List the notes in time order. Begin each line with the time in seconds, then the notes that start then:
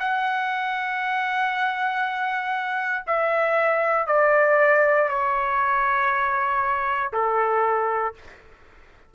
0.00 F#5
3.07 E5
4.07 D5
5.09 C#5
7.13 A4